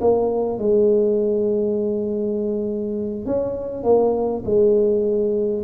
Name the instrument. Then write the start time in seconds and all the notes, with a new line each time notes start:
tuba
0.00 A#3
0.58 G#3
3.26 C#4
3.83 A#3
4.45 G#3